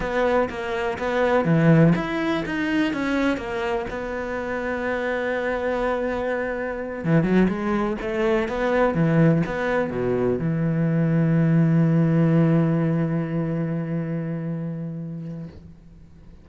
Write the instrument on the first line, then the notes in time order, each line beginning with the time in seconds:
cello
0.00 B3
0.49 A#3
0.98 B3
1.44 E3
1.95 E4
2.45 D#4
2.93 C#4
3.37 A#3
3.90 B3
7.04 E3
7.23 F#3
7.48 G#3
8.01 A3
8.48 B3
8.94 E3
9.46 B3
9.90 B2
10.38 E3